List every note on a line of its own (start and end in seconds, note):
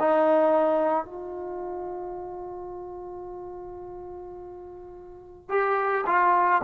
0.00 1.05 D#4
1.05 5.49 F4
5.49 6.05 G4
6.07 6.62 F4